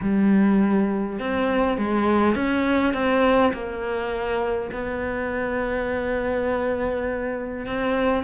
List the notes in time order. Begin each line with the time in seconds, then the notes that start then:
0.01 G3
1.19 C4
1.77 G#3
2.35 C#4
2.93 C4
3.53 A#3
4.72 B3
7.66 C4